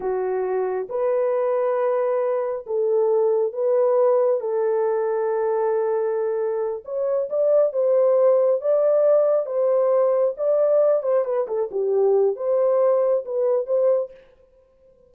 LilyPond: \new Staff \with { instrumentName = "horn" } { \time 4/4 \tempo 4 = 136 fis'2 b'2~ | b'2 a'2 | b'2 a'2~ | a'2.~ a'8 cis''8~ |
cis''8 d''4 c''2 d''8~ | d''4. c''2 d''8~ | d''4 c''8 b'8 a'8 g'4. | c''2 b'4 c''4 | }